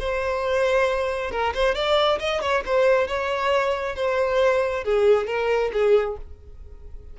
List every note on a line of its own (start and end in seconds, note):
0.00 1.32 C5
1.32 1.54 A#4
1.55 1.75 C5
1.75 2.19 D5
2.20 2.42 D#5
2.42 2.64 C#5
2.66 3.08 C5
3.08 3.96 C#5
3.96 4.84 C5
4.84 5.27 G#4
5.27 5.72 A#4
5.73 6.17 G#4